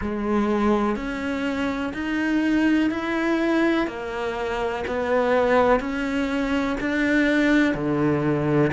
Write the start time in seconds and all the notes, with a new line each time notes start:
0.01 G#3
0.96 C#4
1.94 D#4
2.90 E4
3.87 A#3
4.87 B3
5.79 C#4
6.80 D4
7.74 D3